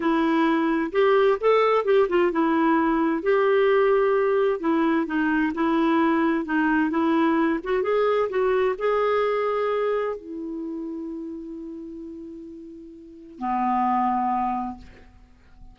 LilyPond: \new Staff \with { instrumentName = "clarinet" } { \time 4/4 \tempo 4 = 130 e'2 g'4 a'4 | g'8 f'8 e'2 g'4~ | g'2 e'4 dis'4 | e'2 dis'4 e'4~ |
e'8 fis'8 gis'4 fis'4 gis'4~ | gis'2 e'2~ | e'1~ | e'4 b2. | }